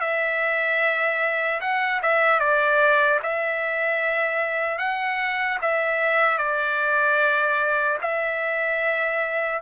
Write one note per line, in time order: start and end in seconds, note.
0.00 1.60 E5
1.60 2.00 F#5
2.02 2.39 E5
2.39 3.19 D5
3.23 4.78 E5
4.78 5.58 F#5
5.61 6.38 E5
6.38 7.98 D5
8.01 9.61 E5